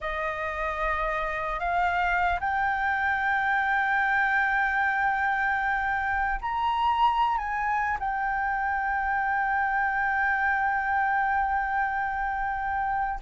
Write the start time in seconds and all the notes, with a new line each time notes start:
0.00 D#5
1.59 F5
2.40 G5
6.41 A#5
7.37 G#5
7.99 G5